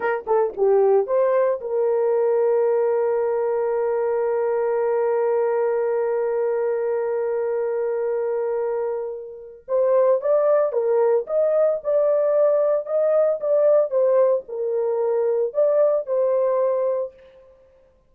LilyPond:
\new Staff \with { instrumentName = "horn" } { \time 4/4 \tempo 4 = 112 ais'8 a'8 g'4 c''4 ais'4~ | ais'1~ | ais'1~ | ais'1~ |
ais'2 c''4 d''4 | ais'4 dis''4 d''2 | dis''4 d''4 c''4 ais'4~ | ais'4 d''4 c''2 | }